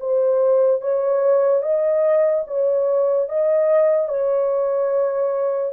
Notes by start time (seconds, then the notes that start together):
0.00 C5
0.81 C#5
1.63 D#5
2.47 C#5
3.29 D#5
4.08 C#5